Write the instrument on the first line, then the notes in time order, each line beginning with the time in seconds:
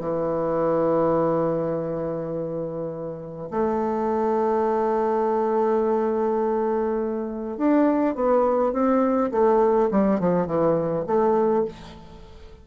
bassoon
0.00 E3
3.51 A3
7.58 D4
8.15 B3
8.73 C4
9.32 A3
9.91 G3
10.20 F3
10.47 E3
11.07 A3